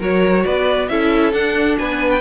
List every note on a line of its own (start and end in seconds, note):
0.00 0.45 F#3
0.00 0.90 F#4
0.00 0.44 A#4
0.00 0.46 C#5
0.45 0.90 B3
0.45 0.90 B4
0.45 0.89 D5
0.89 1.33 C#4
0.89 1.34 E4
0.89 1.80 A4
0.89 1.33 E5
1.33 1.78 D4
1.33 2.21 D4
1.33 1.77 F#5
1.79 2.21 B3
1.79 2.21 B4
1.79 2.11 G#5
2.11 2.21 G5